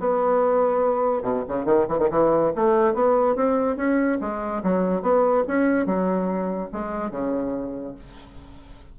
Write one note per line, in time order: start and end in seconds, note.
0.00 1.23 B3
1.23 1.44 B2
1.48 1.65 C#3
1.65 1.86 D#3
1.89 1.99 E3
1.99 2.09 D#3
2.11 2.53 E3
2.56 2.94 A3
2.94 3.36 B3
3.36 3.76 C4
3.76 4.18 C#4
4.21 4.63 G#3
4.63 5.02 F#3
5.02 5.44 B3
5.48 5.86 C#4
5.86 6.70 F#3
6.73 7.11 G#3
7.11 7.95 C#3